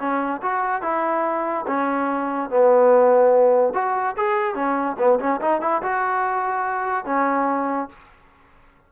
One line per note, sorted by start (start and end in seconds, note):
0.00 0.42 C#4
0.42 0.82 F#4
0.82 1.66 E4
1.67 2.50 C#4
2.50 3.74 B3
3.74 4.16 F#4
4.17 4.55 G#4
4.55 4.97 C#4
4.98 5.19 B3
5.20 5.41 C#4
5.42 5.61 D#4
5.61 5.82 E4
5.83 7.05 F#4
7.05 7.89 C#4